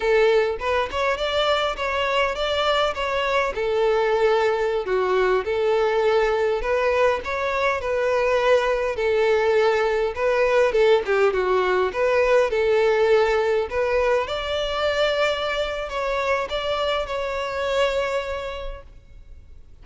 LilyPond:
\new Staff \with { instrumentName = "violin" } { \time 4/4 \tempo 4 = 102 a'4 b'8 cis''8 d''4 cis''4 | d''4 cis''4 a'2~ | a'16 fis'4 a'2 b'8.~ | b'16 cis''4 b'2 a'8.~ |
a'4~ a'16 b'4 a'8 g'8 fis'8.~ | fis'16 b'4 a'2 b'8.~ | b'16 d''2~ d''8. cis''4 | d''4 cis''2. | }